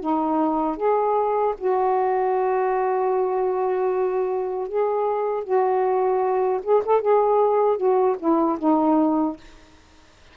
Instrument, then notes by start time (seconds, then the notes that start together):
saxophone
0.00 D#4
0.77 G#4
1.58 F#4
4.68 G#4
5.44 F#4
6.63 G#4
6.85 A4
7.01 G#4
7.77 F#4
8.19 E4
8.59 D#4